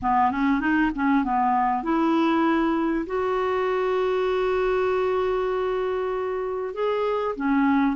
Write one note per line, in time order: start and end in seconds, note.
0.02 0.31 B3
0.31 0.60 C#4
0.60 0.90 D#4
0.95 1.24 C#4
1.24 1.83 B3
1.83 3.05 E4
3.06 6.73 F#4
6.74 7.35 G#4
7.36 7.96 C#4